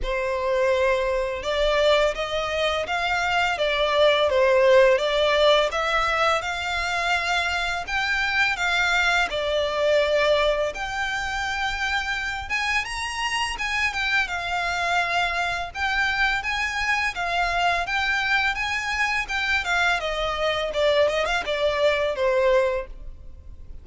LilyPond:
\new Staff \with { instrumentName = "violin" } { \time 4/4 \tempo 4 = 84 c''2 d''4 dis''4 | f''4 d''4 c''4 d''4 | e''4 f''2 g''4 | f''4 d''2 g''4~ |
g''4. gis''8 ais''4 gis''8 g''8 | f''2 g''4 gis''4 | f''4 g''4 gis''4 g''8 f''8 | dis''4 d''8 dis''16 f''16 d''4 c''4 | }